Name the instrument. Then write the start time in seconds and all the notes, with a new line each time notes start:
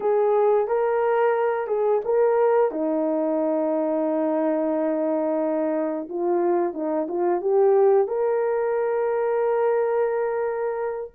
horn
0.00 G#4
0.67 A#4
1.67 G#4
2.04 A#4
2.71 D#4
6.09 F4
6.73 D#4
7.08 F4
7.41 G4
8.07 A#4